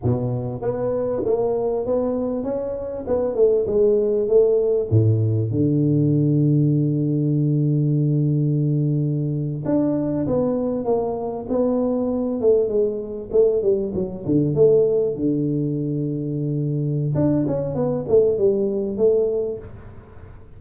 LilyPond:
\new Staff \with { instrumentName = "tuba" } { \time 4/4 \tempo 4 = 98 b,4 b4 ais4 b4 | cis'4 b8 a8 gis4 a4 | a,4 d2.~ | d2.~ d8. d'16~ |
d'8. b4 ais4 b4~ b16~ | b16 a8 gis4 a8 g8 fis8 d8 a16~ | a8. d2.~ d16 | d'8 cis'8 b8 a8 g4 a4 | }